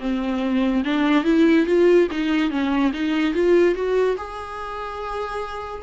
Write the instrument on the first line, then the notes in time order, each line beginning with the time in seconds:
viola
0.00 C4
0.85 D4
1.25 E4
1.66 F4
2.11 D#4
2.51 C#4
2.94 D#4
3.34 F4
3.75 F#4
4.17 G#4